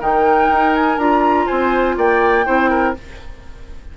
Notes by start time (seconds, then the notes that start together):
0.00 D#3 D#4 A#4 G5
0.50 D#4
0.75 G#5
0.98 D4 F4 A#5
1.47 C4 C5 G#5
1.98 A#3 D5 G5
2.45 C4 E4 C5
2.70 A#4